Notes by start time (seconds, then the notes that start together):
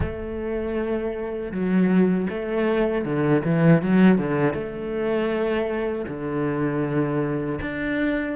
0.00 A3
1.51 F#3
2.29 A3
3.04 D3
3.44 E3
3.81 F#3
4.18 D3
4.53 A3
6.08 D3
7.61 D4